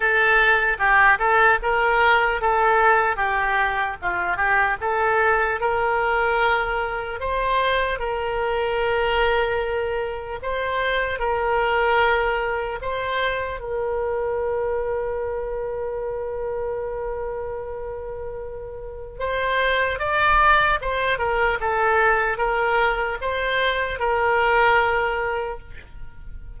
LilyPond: \new Staff \with { instrumentName = "oboe" } { \time 4/4 \tempo 4 = 75 a'4 g'8 a'8 ais'4 a'4 | g'4 f'8 g'8 a'4 ais'4~ | ais'4 c''4 ais'2~ | ais'4 c''4 ais'2 |
c''4 ais'2.~ | ais'1 | c''4 d''4 c''8 ais'8 a'4 | ais'4 c''4 ais'2 | }